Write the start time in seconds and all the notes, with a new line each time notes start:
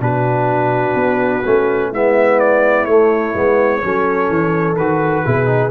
0.00 B2 D4 F#4 B4
0.94 B3
1.45 A3 C#4
1.91 G#3 B3 E4 E5
2.39 D5
2.85 A3 C#5
3.34 G#3 B3
3.82 F#3 C#4 A4
4.29 E3
4.76 D#3 F#4 B4
5.25 B2 E4 G#4
5.46 D#4